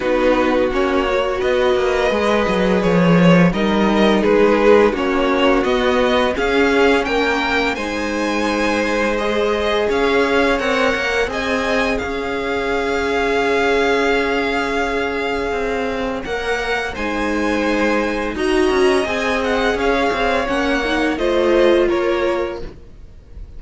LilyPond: <<
  \new Staff \with { instrumentName = "violin" } { \time 4/4 \tempo 4 = 85 b'4 cis''4 dis''2 | cis''4 dis''4 b'4 cis''4 | dis''4 f''4 g''4 gis''4~ | gis''4 dis''4 f''4 fis''4 |
gis''4 f''2.~ | f''2. fis''4 | gis''2 ais''4 gis''8 fis''8 | f''4 fis''4 dis''4 cis''4 | }
  \new Staff \with { instrumentName = "violin" } { \time 4/4 fis'2 b'2~ | b'4 ais'4 gis'4 fis'4~ | fis'4 gis'4 ais'4 c''4~ | c''2 cis''2 |
dis''4 cis''2.~ | cis''1 | c''2 dis''2 | cis''2 c''4 ais'4 | }
  \new Staff \with { instrumentName = "viola" } { \time 4/4 dis'4 cis'8 fis'4. gis'4~ | gis'4 dis'2 cis'4 | b4 cis'2 dis'4~ | dis'4 gis'2 ais'4 |
gis'1~ | gis'2. ais'4 | dis'2 fis'4 gis'4~ | gis'4 cis'8 dis'8 f'2 | }
  \new Staff \with { instrumentName = "cello" } { \time 4/4 b4 ais4 b8 ais8 gis8 fis8 | f4 g4 gis4 ais4 | b4 cis'4 ais4 gis4~ | gis2 cis'4 c'8 ais8 |
c'4 cis'2.~ | cis'2 c'4 ais4 | gis2 dis'8 cis'8 c'4 | cis'8 c'8 ais4 a4 ais4 | }
>>